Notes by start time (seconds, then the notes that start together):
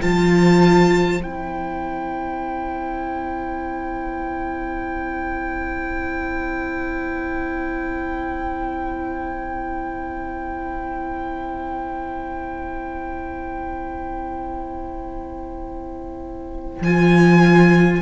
0.00 F3 F4 C5 A5
1.19 C4 E4 G5
16.81 F3 F4 G#5